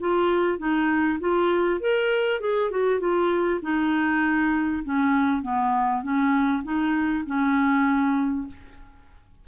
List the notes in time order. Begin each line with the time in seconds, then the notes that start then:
0.00 F4
0.58 D#4
1.20 F4
1.80 A#4
2.40 G#4
2.71 F#4
3.00 F4
3.62 D#4
4.84 C#4
5.42 B3
6.02 C#4
6.64 D#4
7.26 C#4